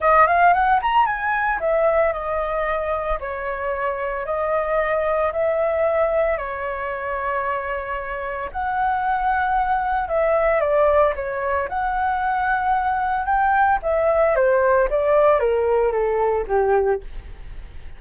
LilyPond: \new Staff \with { instrumentName = "flute" } { \time 4/4 \tempo 4 = 113 dis''8 f''8 fis''8 ais''8 gis''4 e''4 | dis''2 cis''2 | dis''2 e''2 | cis''1 |
fis''2. e''4 | d''4 cis''4 fis''2~ | fis''4 g''4 e''4 c''4 | d''4 ais'4 a'4 g'4 | }